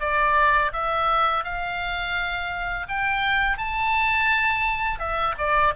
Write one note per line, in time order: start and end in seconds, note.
0.00 0.71 D5
0.72 1.44 E5
1.44 2.87 F5
2.88 3.57 G5
3.57 4.99 A5
4.99 5.34 E5
5.38 5.73 D5